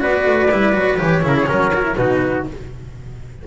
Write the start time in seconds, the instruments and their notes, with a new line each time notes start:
0.00 double bass B3, cello F#4, trumpet B4, flute D5
0.26 double bass A3
0.51 double bass G3, cello E4
0.73 double bass F#3, cello F#4
0.98 double bass E3, cello G4, flute C#5
1.23 double bass C#3, cello E4, trumpet A#4
1.36 trumpet G#4
1.47 double bass F#3, cello C#4, trumpet A#4
1.74 cello F#4
1.83 cello E4
1.96 double bass B2, cello D#4, trumpet F#4, flute B4